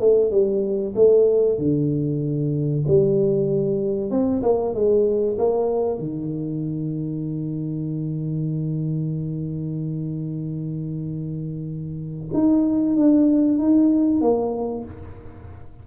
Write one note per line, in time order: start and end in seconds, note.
0.00 0.31 A3
0.31 0.94 G3
0.95 1.58 A3
1.58 2.84 D3
2.87 4.11 G3
4.11 4.42 C4
4.42 4.74 A#3
4.74 5.37 G#3
5.38 5.98 A#3
5.98 12.30 D#3
12.33 12.96 D#4
12.96 13.58 D4
13.58 14.21 D#4
14.21 14.84 A#3